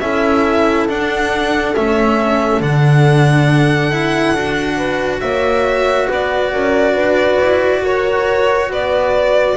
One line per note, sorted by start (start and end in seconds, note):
0.00 0.88 C#4
0.00 0.89 E4
0.00 4.77 A4
0.00 0.87 E5
0.88 1.75 D4
0.88 1.76 F#5
1.75 2.61 A3
1.75 2.61 C#4
1.75 2.62 E5
2.61 4.34 D3
2.61 3.92 D4
2.61 5.21 F#5
3.92 4.36 E4
4.35 5.22 D4
4.35 9.57 F#4
4.77 5.20 B4
5.21 6.09 A#3
5.21 6.08 C#5
5.21 6.08 E5
6.08 6.53 B3
6.08 6.52 B4
6.08 7.85 D5
6.53 6.95 C#4
6.53 6.93 A#4
6.93 7.38 D4
6.93 7.80 B4
7.40 7.83 E4
7.83 8.70 F#4
7.83 8.70 A#4
7.83 8.72 C#5
8.70 9.57 B3
8.70 9.57 B4
8.70 9.58 D5